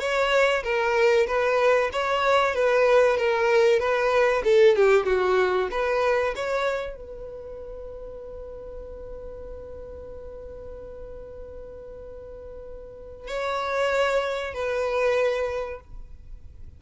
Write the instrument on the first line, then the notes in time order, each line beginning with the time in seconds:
violin
0.00 C#5
0.63 A#4
1.27 B4
1.93 C#5
2.55 B4
3.17 A#4
3.80 B4
4.44 A4
4.76 G4
5.06 F#4
5.71 B4
6.36 C#5
6.96 B4
13.28 C#5
14.54 B4